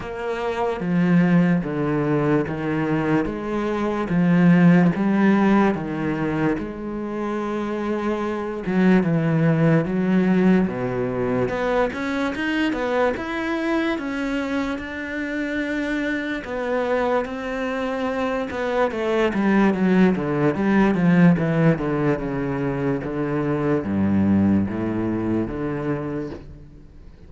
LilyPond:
\new Staff \with { instrumentName = "cello" } { \time 4/4 \tempo 4 = 73 ais4 f4 d4 dis4 | gis4 f4 g4 dis4 | gis2~ gis8 fis8 e4 | fis4 b,4 b8 cis'8 dis'8 b8 |
e'4 cis'4 d'2 | b4 c'4. b8 a8 g8 | fis8 d8 g8 f8 e8 d8 cis4 | d4 g,4 a,4 d4 | }